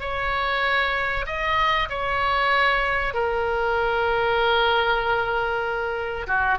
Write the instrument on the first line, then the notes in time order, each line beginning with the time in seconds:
oboe
0.00 C#5
1.26 D#5
1.89 C#5
3.14 A#4
6.26 F#4